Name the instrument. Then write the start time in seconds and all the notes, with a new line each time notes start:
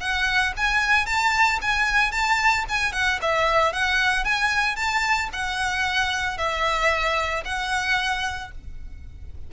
violin
0.00 F#5
0.57 G#5
1.06 A5
1.61 G#5
2.11 A5
2.68 G#5
2.92 F#5
3.21 E5
3.73 F#5
4.24 G#5
4.76 A5
5.32 F#5
6.37 E5
7.45 F#5